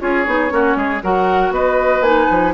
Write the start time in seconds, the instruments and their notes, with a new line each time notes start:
0.00 bassoon C#4, clarinet F4, oboe G#4, flute C#5
0.27 bassoon B3, clarinet D#4
0.50 bassoon A#3, clarinet C#4, oboe F#4
0.76 bassoon G#3, oboe G#4
1.03 bassoon F#3, clarinet F#4, oboe A#4, flute F#5
1.51 bassoon B3, oboe B4, flute D#5
2.01 bassoon A#3, clarinet D#4, flute G#5
2.31 bassoon F3